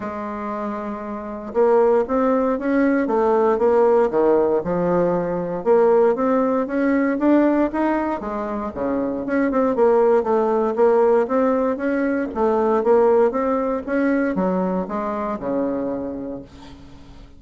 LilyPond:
\new Staff \with { instrumentName = "bassoon" } { \time 4/4 \tempo 4 = 117 gis2. ais4 | c'4 cis'4 a4 ais4 | dis4 f2 ais4 | c'4 cis'4 d'4 dis'4 |
gis4 cis4 cis'8 c'8 ais4 | a4 ais4 c'4 cis'4 | a4 ais4 c'4 cis'4 | fis4 gis4 cis2 | }